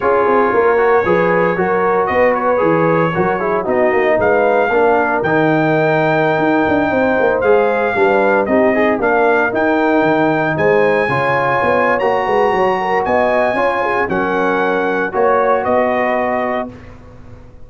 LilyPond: <<
  \new Staff \with { instrumentName = "trumpet" } { \time 4/4 \tempo 4 = 115 cis''1 | dis''8 cis''2~ cis''8 dis''4 | f''2 g''2~ | g''2~ g''16 f''4.~ f''16~ |
f''16 dis''4 f''4 g''4.~ g''16~ | g''16 gis''2~ gis''8. ais''4~ | ais''4 gis''2 fis''4~ | fis''4 cis''4 dis''2 | }
  \new Staff \with { instrumentName = "horn" } { \time 4/4 gis'4 ais'4 b'4 ais'4 | b'2 ais'8 gis'8 fis'4 | b'4 ais'2.~ | ais'4~ ais'16 c''2 b'8.~ |
b'16 g'8 dis'8 ais'2~ ais'8.~ | ais'16 c''4 cis''2~ cis''16 b'8 | cis''8 ais'8 dis''4 cis''8 gis'8 ais'4~ | ais'4 cis''4 b'2 | }
  \new Staff \with { instrumentName = "trombone" } { \time 4/4 f'4. fis'8 gis'4 fis'4~ | fis'4 gis'4 fis'8 e'8 dis'4~ | dis'4 d'4 dis'2~ | dis'2~ dis'16 gis'4 d'8.~ |
d'16 dis'8 gis'8 d'4 dis'4.~ dis'16~ | dis'4~ dis'16 f'4.~ f'16 fis'4~ | fis'2 f'4 cis'4~ | cis'4 fis'2. | }
  \new Staff \with { instrumentName = "tuba" } { \time 4/4 cis'8 c'8 ais4 f4 fis4 | b4 e4 fis4 b8 ais8 | gis4 ais4 dis2~ | dis16 dis'8 d'8 c'8 ais8 gis4 g8.~ |
g16 c'4 ais4 dis'4 dis8.~ | dis16 gis4 cis4 b8. ais8 gis8 | fis4 b4 cis'4 fis4~ | fis4 ais4 b2 | }
>>